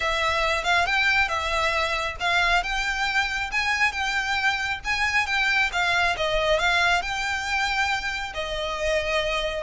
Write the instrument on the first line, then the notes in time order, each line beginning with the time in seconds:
violin
0.00 E5
0.64 F5
0.85 G5
1.28 E5
2.19 F5
2.63 G5
3.51 G#5
3.92 G5
4.84 G#5
5.26 G5
5.72 F5
6.17 D#5
6.59 F5
7.02 G5
8.34 D#5